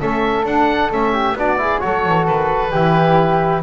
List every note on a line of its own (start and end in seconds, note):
0.00 0.45 A3
0.00 0.45 C#4
0.00 1.13 A4
0.00 0.46 E5
0.45 0.90 D4
0.45 0.91 D4
0.45 0.92 F#5
0.91 1.33 A3
0.91 1.36 C#4
0.91 1.38 E5
1.13 1.35 G4
1.33 1.79 B3
1.33 1.58 D4
1.33 1.59 F#4
1.33 1.81 D5
1.58 1.80 E4
1.58 1.84 G#4
1.80 2.06 F#3
1.80 2.71 F#4
1.80 2.71 A4
1.80 2.26 C#5
2.06 2.28 E3
2.27 2.74 D#3
2.27 3.63 B4
2.71 3.63 E3
2.71 3.63 E4
2.71 3.62 G4